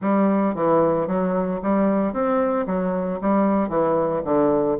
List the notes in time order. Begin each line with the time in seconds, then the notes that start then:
0.01 G3
0.54 E3
1.07 F#3
1.62 G3
2.13 C4
2.66 F#3
3.21 G3
3.68 E3
4.24 D3